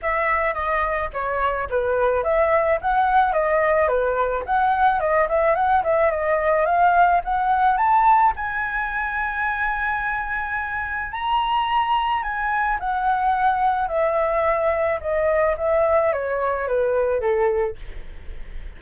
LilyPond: \new Staff \with { instrumentName = "flute" } { \time 4/4 \tempo 4 = 108 e''4 dis''4 cis''4 b'4 | e''4 fis''4 dis''4 b'4 | fis''4 dis''8 e''8 fis''8 e''8 dis''4 | f''4 fis''4 a''4 gis''4~ |
gis''1 | ais''2 gis''4 fis''4~ | fis''4 e''2 dis''4 | e''4 cis''4 b'4 a'4 | }